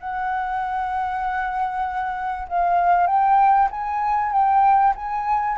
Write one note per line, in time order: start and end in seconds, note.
0.00 2.47 F#5
2.48 3.07 F5
3.07 3.69 G5
3.71 4.32 G#5
4.32 4.94 G5
4.95 5.57 G#5